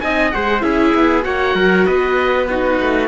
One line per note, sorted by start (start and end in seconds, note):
0.00 0.33 C4
0.00 0.32 D#4
0.00 0.34 D#5
0.00 0.31 G#5
0.31 0.62 G#3
0.31 0.60 G#4
0.31 0.64 C5
0.31 0.61 F#5
0.60 0.93 C#4
0.60 1.22 E4
0.60 1.24 G#4
0.60 1.23 E5
0.94 1.25 B3
1.22 1.55 A#3
1.22 2.46 F#4
1.22 1.55 C#5
1.22 1.86 F#5
1.55 1.85 F#3
1.55 1.86 A#4
1.86 2.80 B3
1.86 2.48 B4
1.86 2.46 D#5
2.46 3.07 D#4
2.46 3.07 F#4
2.46 3.07 B4
2.81 3.07 A3